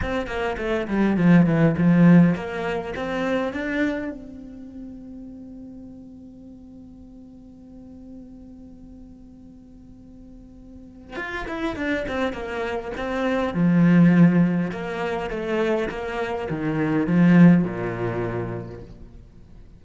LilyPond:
\new Staff \with { instrumentName = "cello" } { \time 4/4 \tempo 4 = 102 c'8 ais8 a8 g8 f8 e8 f4 | ais4 c'4 d'4 c'4~ | c'1~ | c'1~ |
c'2. f'8 e'8 | d'8 c'8 ais4 c'4 f4~ | f4 ais4 a4 ais4 | dis4 f4 ais,2 | }